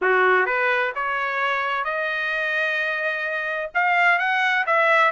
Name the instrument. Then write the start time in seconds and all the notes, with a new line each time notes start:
trumpet
0.01 F#4
0.46 B4
0.95 C#5
1.84 D#5
3.74 F5
4.18 F#5
4.66 E5